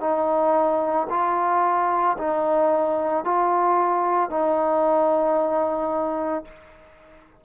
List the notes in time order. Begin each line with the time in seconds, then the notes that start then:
0.00 D#4
1.10 F4
2.19 D#4
3.24 F4
4.31 D#4